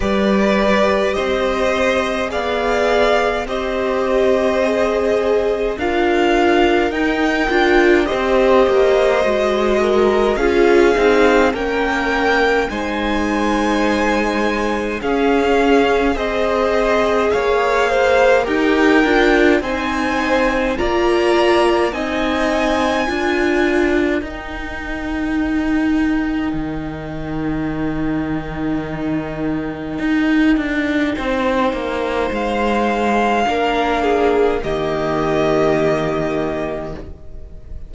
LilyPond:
<<
  \new Staff \with { instrumentName = "violin" } { \time 4/4 \tempo 4 = 52 d''4 dis''4 f''4 dis''4~ | dis''4 f''4 g''4 dis''4~ | dis''4 f''4 g''4 gis''4~ | gis''4 f''4 dis''4 f''4 |
g''4 gis''4 ais''4 gis''4~ | gis''4 g''2.~ | g''1 | f''2 dis''2 | }
  \new Staff \with { instrumentName = "violin" } { \time 4/4 b'4 c''4 d''4 c''4~ | c''4 ais'2 c''4~ | c''8 ais'8 gis'4 ais'4 c''4~ | c''4 gis'4 c''4 cis''8 c''8 |
ais'4 c''4 d''4 dis''4 | ais'1~ | ais'2. c''4~ | c''4 ais'8 gis'8 g'2 | }
  \new Staff \with { instrumentName = "viola" } { \time 4/4 g'2 gis'4 g'4 | gis'4 f'4 dis'8 f'8 g'4 | fis'4 f'8 dis'8 cis'4 dis'4~ | dis'4 cis'4 gis'2 |
g'8 f'8 dis'4 f'4 dis'4 | f'4 dis'2.~ | dis'1~ | dis'4 d'4 ais2 | }
  \new Staff \with { instrumentName = "cello" } { \time 4/4 g4 c'4 b4 c'4~ | c'4 d'4 dis'8 d'8 c'8 ais8 | gis4 cis'8 c'8 ais4 gis4~ | gis4 cis'4 c'4 ais4 |
dis'8 d'8 c'4 ais4 c'4 | d'4 dis'2 dis4~ | dis2 dis'8 d'8 c'8 ais8 | gis4 ais4 dis2 | }
>>